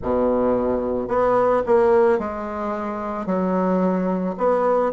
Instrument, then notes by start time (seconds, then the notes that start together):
bassoon
0.02 B2
1.08 B3
1.66 A#3
2.18 G#3
3.26 F#3
4.37 B3